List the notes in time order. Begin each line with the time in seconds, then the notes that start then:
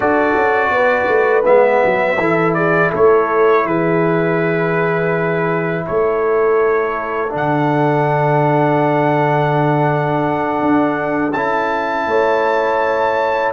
0.00 D4 F#4 A4 D5
0.35 C#4
0.70 B3 B4
1.08 A3
1.44 G#3 B3 E5
1.85 F#3
2.18 E3 E4 A4
2.54 G#4 D5
2.89 A3 A4 C#5
3.65 E3 G#4 B4
5.86 A3 A4 C#5
7.29 D3 D4
7.36 F#5
10.61 D4
11.32 C#4 E4 A5
12.07 A3 C#5